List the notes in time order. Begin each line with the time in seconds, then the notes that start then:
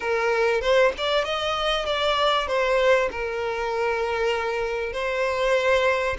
0.00 A#4
0.61 C5
0.97 D5
1.24 D#5
1.85 D5
2.47 C5
3.11 A#4
4.92 C5